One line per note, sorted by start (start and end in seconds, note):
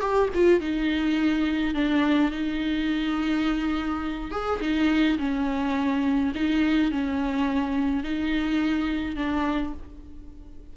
0.00 0.29 G4
0.34 0.60 F4
0.60 1.74 D#4
1.74 2.31 D4
2.31 4.31 D#4
4.31 4.59 G#4
4.60 5.17 D#4
5.18 6.32 C#4
6.35 6.91 D#4
6.91 8.03 C#4
8.03 9.16 D#4
9.16 9.73 D4